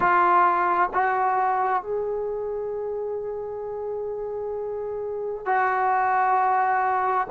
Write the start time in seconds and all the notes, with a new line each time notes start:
0.00 F4
0.93 F#4
1.82 G#4
5.45 F#4